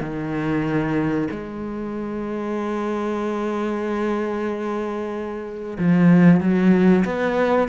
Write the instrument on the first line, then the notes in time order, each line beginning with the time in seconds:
cello
0.00 D#3
1.30 G#3
5.78 F3
6.40 F#3
7.04 B3